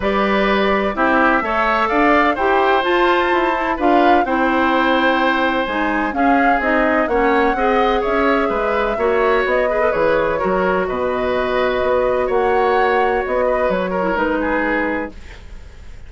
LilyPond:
<<
  \new Staff \with { instrumentName = "flute" } { \time 4/4 \tempo 4 = 127 d''2 e''2 | f''4 g''4 a''2 | f''4 g''2. | gis''4 f''4 dis''4 fis''4~ |
fis''4 e''2. | dis''4 cis''2 dis''4~ | dis''2 fis''2 | dis''4 cis''4 b'2 | }
  \new Staff \with { instrumentName = "oboe" } { \time 4/4 b'2 g'4 cis''4 | d''4 c''2. | b'4 c''2.~ | c''4 gis'2 cis''4 |
dis''4 cis''4 b'4 cis''4~ | cis''8 b'4. ais'4 b'4~ | b'2 cis''2~ | cis''8 b'4 ais'4 gis'4. | }
  \new Staff \with { instrumentName = "clarinet" } { \time 4/4 g'2 e'4 a'4~ | a'4 g'4 f'4. e'8 | f'4 e'2. | dis'4 cis'4 dis'4 cis'4 |
gis'2. fis'4~ | fis'8 gis'16 a'16 gis'4 fis'2~ | fis'1~ | fis'4.~ fis'16 e'16 dis'2 | }
  \new Staff \with { instrumentName = "bassoon" } { \time 4/4 g2 c'4 a4 | d'4 e'4 f'4 e'4 | d'4 c'2. | gis4 cis'4 c'4 ais4 |
c'4 cis'4 gis4 ais4 | b4 e4 fis4 b,4~ | b,4 b4 ais2 | b4 fis4 gis2 | }
>>